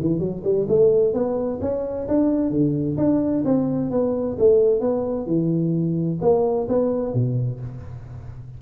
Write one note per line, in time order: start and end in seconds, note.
0.00 0.19 E3
0.19 0.42 F#3
0.44 0.67 G3
0.68 1.13 A3
1.13 1.60 B3
1.61 2.07 C#4
2.08 2.50 D4
2.50 2.96 D3
2.97 3.43 D4
3.44 3.91 C4
3.91 4.37 B3
4.38 4.80 A3
4.80 5.26 B3
5.26 6.18 E3
6.21 6.67 A#3
6.68 7.14 B3
7.14 7.60 B2